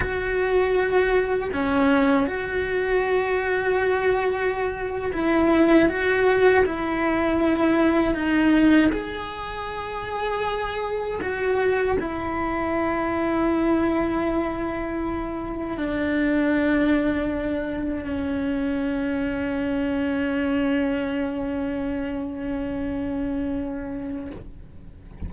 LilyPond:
\new Staff \with { instrumentName = "cello" } { \time 4/4 \tempo 4 = 79 fis'2 cis'4 fis'4~ | fis'2~ fis'8. e'4 fis'16~ | fis'8. e'2 dis'4 gis'16~ | gis'2~ gis'8. fis'4 e'16~ |
e'1~ | e'8. d'2. cis'16~ | cis'1~ | cis'1 | }